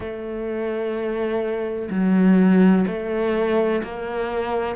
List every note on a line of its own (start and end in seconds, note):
0.00 1.89 A3
1.90 2.85 F#3
2.87 3.82 A3
3.84 4.75 A#3